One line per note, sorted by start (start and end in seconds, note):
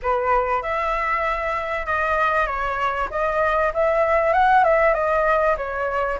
0.02 0.62 B4
0.62 1.86 E5
1.86 2.46 D#5
2.46 3.08 C#5
3.10 3.72 D#5
3.73 4.33 E5
4.33 4.64 F#5
4.64 4.93 E5
4.93 5.55 D#5
5.57 6.19 C#5